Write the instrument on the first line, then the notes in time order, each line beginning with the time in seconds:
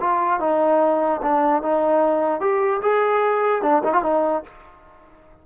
trombone
0.00 F4
0.39 D#4
1.22 D4
1.62 D#4
2.40 G4
2.81 G#4
3.62 D4
3.83 D#4
3.93 F4
4.02 D#4